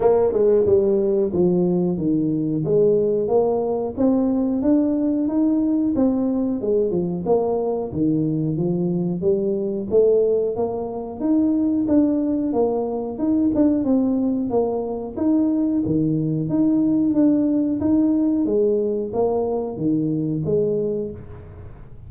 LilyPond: \new Staff \with { instrumentName = "tuba" } { \time 4/4 \tempo 4 = 91 ais8 gis8 g4 f4 dis4 | gis4 ais4 c'4 d'4 | dis'4 c'4 gis8 f8 ais4 | dis4 f4 g4 a4 |
ais4 dis'4 d'4 ais4 | dis'8 d'8 c'4 ais4 dis'4 | dis4 dis'4 d'4 dis'4 | gis4 ais4 dis4 gis4 | }